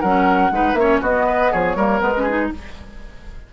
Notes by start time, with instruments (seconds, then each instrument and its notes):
0.00 bassoon F#3, clarinet C#4, oboe A#4, flute F#5
0.50 bassoon G#3, clarinet D#4, oboe B4
0.73 bassoon A#3, clarinet C#4, oboe C#5, flute E5
1.00 bassoon B3, clarinet B3, oboe F#4, flute D#5
1.27 oboe B4
1.51 bassoon F3, oboe G#4, flute C#5
1.75 bassoon G3, clarinet A#3, oboe A#4
1.99 bassoon G#3, clarinet B3, flute B4
2.17 clarinet C#4, oboe G#4
2.28 clarinet D#4